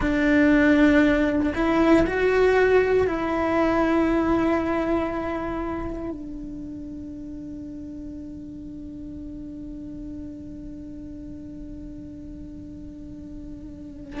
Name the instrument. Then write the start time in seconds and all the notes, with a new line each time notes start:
cello
0.00 D4
1.54 E4
2.06 F#4
3.07 E4
6.10 D4